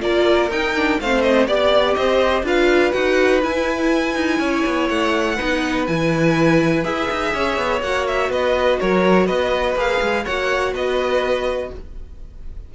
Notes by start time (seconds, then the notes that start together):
0.00 A#3 F4 A#4 D5
0.50 D#4 G5
0.75 D4
1.00 A3 C4 C5 F5
1.21 D#5
1.47 B3 G4 D5
1.94 C4 C5 D#5
2.42 D4 F4 B4 F5
2.92 D#4 F#4 F#5
3.42 E4 G#5
4.15 D#4
4.39 C#4 C#5
4.66 B3
4.88 A3 F#5
5.35 B3 D#4 B4
5.86 E3 E4 G#5
6.83 E4 G#4 E5
7.10 D#4
7.33 C#4 C#5
7.57 B3
7.81 A#3 F#4 F#5
8.07 E5
8.29 B3 B4 D#5
8.80 F#3 A#4 C#5
9.26 B3 B4 D#5
9.76 A#3 G#4 F5
10.01 G#3
10.24 A#3 F#4 C#5 F#5
10.72 B3 B4 D#5